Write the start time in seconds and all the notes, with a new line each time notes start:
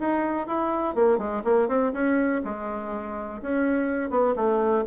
0.00 D#4
0.47 E4
0.96 A#3
1.19 G#3
1.45 A#3
1.69 C4
1.94 C#4
2.45 G#3
3.42 C#4
4.11 B3
4.36 A3